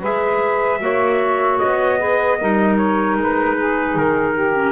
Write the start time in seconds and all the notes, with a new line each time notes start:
0.00 G#3 G#4 B4 E5
0.80 A#3 F#4 C#5
1.58 B3 D#5
1.98 G#4 B4
2.39 G3 D#4 A#4
2.77 C#5
3.17 G#3 B4
3.57 G#4
3.95 D#3 A#4
4.34 G4
4.55 C#4